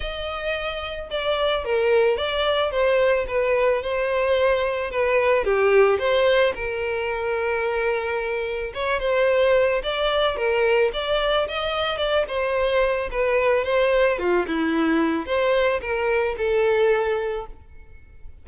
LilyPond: \new Staff \with { instrumentName = "violin" } { \time 4/4 \tempo 4 = 110 dis''2 d''4 ais'4 | d''4 c''4 b'4 c''4~ | c''4 b'4 g'4 c''4 | ais'1 |
cis''8 c''4. d''4 ais'4 | d''4 dis''4 d''8 c''4. | b'4 c''4 f'8 e'4. | c''4 ais'4 a'2 | }